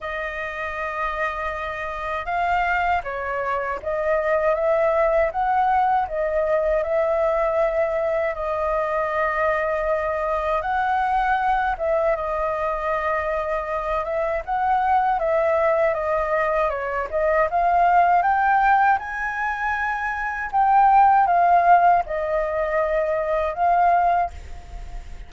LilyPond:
\new Staff \with { instrumentName = "flute" } { \time 4/4 \tempo 4 = 79 dis''2. f''4 | cis''4 dis''4 e''4 fis''4 | dis''4 e''2 dis''4~ | dis''2 fis''4. e''8 |
dis''2~ dis''8 e''8 fis''4 | e''4 dis''4 cis''8 dis''8 f''4 | g''4 gis''2 g''4 | f''4 dis''2 f''4 | }